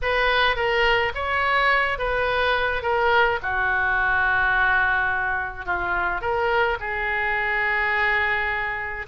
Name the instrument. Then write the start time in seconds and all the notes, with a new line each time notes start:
oboe
0.02 B4
0.56 A#4
1.14 C#5
1.98 B4
2.82 A#4
3.42 F#4
5.65 F4
6.21 A#4
6.80 G#4